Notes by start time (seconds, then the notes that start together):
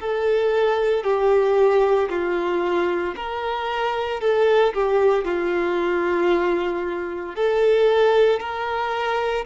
0.00 A4
1.03 G4
2.09 F4
3.16 A#4
4.21 A4
4.73 G4
5.24 F4
7.35 A4
8.40 A#4